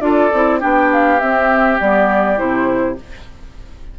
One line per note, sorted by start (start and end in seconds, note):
0.00 0.29 D4
0.00 0.30 F4
0.00 0.59 A4
0.00 0.59 D5
0.33 0.62 C4
0.33 0.60 E4
0.59 1.21 B3
0.59 1.19 D4
0.59 2.94 G4
0.59 0.92 G5
0.92 1.20 F5
1.20 1.79 C4
1.20 1.80 C4
1.20 1.78 E5
1.79 2.39 G3
1.79 2.36 B3
1.79 2.38 D5
2.36 2.99 C3
2.36 2.95 E4
2.36 2.97 C5